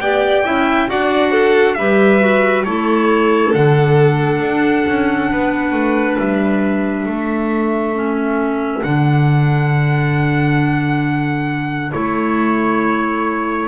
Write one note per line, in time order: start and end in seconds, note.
0.00 0.44 B3
0.00 0.45 G4
0.00 0.45 D5
0.00 0.89 G5
0.44 0.89 C#4
0.44 0.88 E4
0.44 0.89 E5
0.88 1.78 D4
0.88 1.76 F#4
0.88 1.31 D5
0.88 1.74 F#5
1.31 1.75 A4
1.74 2.66 G3
1.74 2.20 G4
1.74 2.65 B4
1.74 2.62 E5
2.20 2.64 F#4
2.64 3.54 A3
2.64 3.53 E4
2.64 5.30 A4
2.64 3.52 C#5
3.54 4.40 D3
3.54 7.94 D4
3.54 6.18 F#5
4.40 4.85 D4
4.87 5.31 C#4
5.31 5.72 B3
5.31 7.07 B4
5.72 6.16 A3
6.18 7.06 G3
6.18 8.83 E5
7.06 8.82 A3
7.06 13.68 A4
7.94 8.83 C#4
8.83 11.92 D3
8.83 11.92 D4
8.83 11.92 F#5
11.92 13.68 A3
11.92 13.68 E4
11.92 13.68 C#5